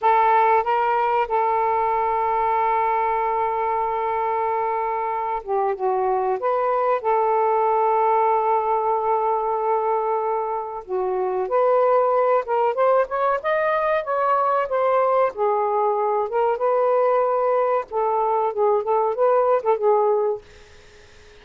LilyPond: \new Staff \with { instrumentName = "saxophone" } { \time 4/4 \tempo 4 = 94 a'4 ais'4 a'2~ | a'1~ | a'8 g'8 fis'4 b'4 a'4~ | a'1~ |
a'4 fis'4 b'4. ais'8 | c''8 cis''8 dis''4 cis''4 c''4 | gis'4. ais'8 b'2 | a'4 gis'8 a'8 b'8. a'16 gis'4 | }